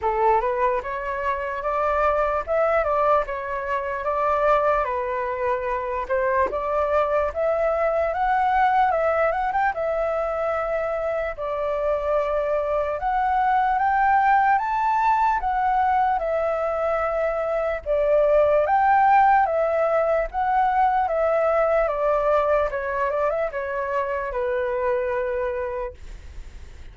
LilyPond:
\new Staff \with { instrumentName = "flute" } { \time 4/4 \tempo 4 = 74 a'8 b'8 cis''4 d''4 e''8 d''8 | cis''4 d''4 b'4. c''8 | d''4 e''4 fis''4 e''8 fis''16 g''16 | e''2 d''2 |
fis''4 g''4 a''4 fis''4 | e''2 d''4 g''4 | e''4 fis''4 e''4 d''4 | cis''8 d''16 e''16 cis''4 b'2 | }